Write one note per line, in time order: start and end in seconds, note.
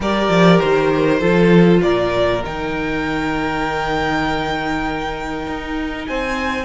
0.00 0.29 G3
0.00 1.21 G4
0.00 1.19 A#4
0.00 0.59 D5
0.29 0.59 F3
0.59 1.21 D#3
0.59 1.81 C5
1.19 1.82 F3
1.19 2.42 F4
1.19 1.80 A4
1.82 2.44 A#2
1.82 6.08 A#4
1.82 2.42 D5
2.44 5.46 D#3
2.44 6.65 D#4
2.44 6.06 G5
5.46 6.07 D#4
6.06 6.65 C4
6.06 6.65 C5
6.06 6.65 G#5